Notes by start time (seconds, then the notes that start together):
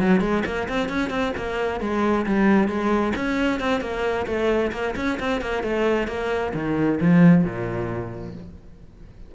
0.00 F#3
0.20 G#3
0.45 A#3
0.68 C4
0.89 C#4
1.10 C4
1.37 A#3
1.80 G#3
2.26 G3
2.68 G#3
3.15 C#4
3.60 C4
3.81 A#3
4.26 A3
4.72 A#3
4.96 C#4
5.19 C4
5.41 A#3
5.63 A3
6.08 A#3
6.54 D#3
7.00 F3
7.44 A#2